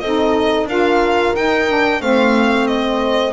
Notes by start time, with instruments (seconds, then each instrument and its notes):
0.00 double bass C4, saxophone D#4, horn A4, violin D#5
0.65 double bass D4, saxophone F4, horn A#4, violin F5
1.35 double bass D#4, saxophone D#4, violin G5
1.69 saxophone D4
2.01 double bass A3, saxophone C4, horn C5, violin F5
2.67 violin D#5